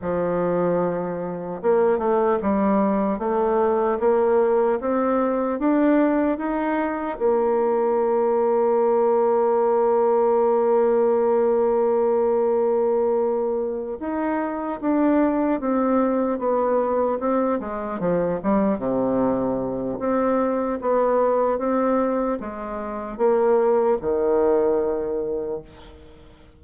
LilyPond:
\new Staff \with { instrumentName = "bassoon" } { \time 4/4 \tempo 4 = 75 f2 ais8 a8 g4 | a4 ais4 c'4 d'4 | dis'4 ais2.~ | ais1~ |
ais4. dis'4 d'4 c'8~ | c'8 b4 c'8 gis8 f8 g8 c8~ | c4 c'4 b4 c'4 | gis4 ais4 dis2 | }